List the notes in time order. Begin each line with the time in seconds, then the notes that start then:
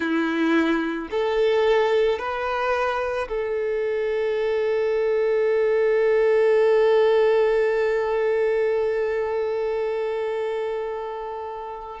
0.00 E4
1.10 A4
2.18 B4
3.28 A4